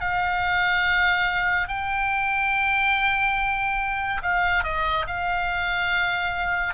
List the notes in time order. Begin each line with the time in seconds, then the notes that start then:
0.00 F5
1.68 G5
4.23 F5
4.64 D#5
5.07 F5